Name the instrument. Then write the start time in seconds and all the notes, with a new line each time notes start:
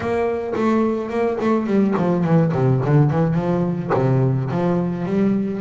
double bass
0.00 A#3
0.55 A3
1.09 A#3
1.40 A3
1.66 G3
1.97 F3
2.24 E3
2.52 C3
2.85 D3
3.10 E3
3.34 F3
3.94 C3
4.50 F3
5.05 G3